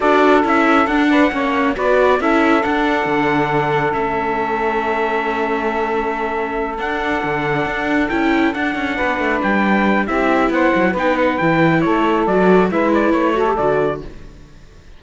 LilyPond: <<
  \new Staff \with { instrumentName = "trumpet" } { \time 4/4 \tempo 4 = 137 d''4 e''4 fis''2 | d''4 e''4 fis''2~ | fis''4 e''2.~ | e''2.~ e''8 fis''8~ |
fis''2~ fis''8 g''4 fis''8~ | fis''4. g''4. e''4 | fis''4 g''8 fis''8 g''4 cis''4 | d''4 e''8 d''8 cis''4 d''4 | }
  \new Staff \with { instrumentName = "saxophone" } { \time 4/4 a'2~ a'8 b'8 cis''4 | b'4 a'2.~ | a'1~ | a'1~ |
a'1~ | a'8 b'2~ b'8 g'4 | c''4 b'2 a'4~ | a'4 b'4. a'4. | }
  \new Staff \with { instrumentName = "viola" } { \time 4/4 fis'4 e'4 d'4 cis'4 | fis'4 e'4 d'2~ | d'4 cis'2.~ | cis'2.~ cis'8 d'8~ |
d'2~ d'8 e'4 d'8~ | d'2. e'4~ | e'4 dis'4 e'2 | fis'4 e'4. fis'16 g'16 fis'4 | }
  \new Staff \with { instrumentName = "cello" } { \time 4/4 d'4 cis'4 d'4 ais4 | b4 cis'4 d'4 d4~ | d4 a2.~ | a2.~ a8 d'8~ |
d'8 d4 d'4 cis'4 d'8 | cis'8 b8 a8 g4. c'4 | b8 fis8 b4 e4 a4 | fis4 gis4 a4 d4 | }
>>